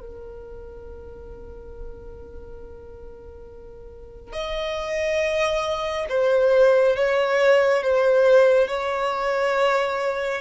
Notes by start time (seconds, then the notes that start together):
0.00 A#4
4.32 D#5
6.09 C5
6.96 C#5
7.83 C5
8.68 C#5